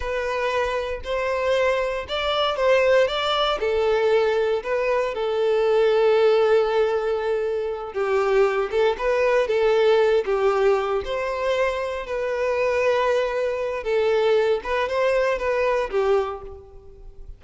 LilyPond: \new Staff \with { instrumentName = "violin" } { \time 4/4 \tempo 4 = 117 b'2 c''2 | d''4 c''4 d''4 a'4~ | a'4 b'4 a'2~ | a'2.~ a'8 g'8~ |
g'4 a'8 b'4 a'4. | g'4. c''2 b'8~ | b'2. a'4~ | a'8 b'8 c''4 b'4 g'4 | }